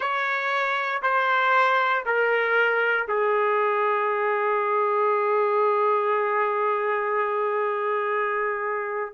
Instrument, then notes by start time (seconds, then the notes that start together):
trumpet
0.00 C#5
1.02 C5
2.05 A#4
3.07 G#4